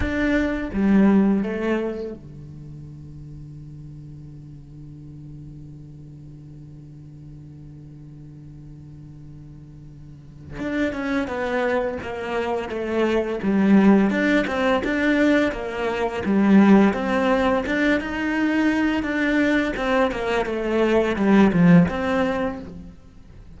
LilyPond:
\new Staff \with { instrumentName = "cello" } { \time 4/4 \tempo 4 = 85 d'4 g4 a4 d4~ | d1~ | d1~ | d2. d'8 cis'8 |
b4 ais4 a4 g4 | d'8 c'8 d'4 ais4 g4 | c'4 d'8 dis'4. d'4 | c'8 ais8 a4 g8 f8 c'4 | }